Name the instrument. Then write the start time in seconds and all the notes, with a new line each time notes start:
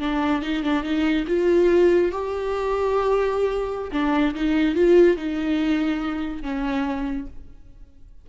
viola
0.00 D4
0.42 D#4
0.64 D4
0.83 D#4
1.28 F4
2.12 G4
3.92 D4
4.35 D#4
4.76 F4
5.17 D#4
6.43 C#4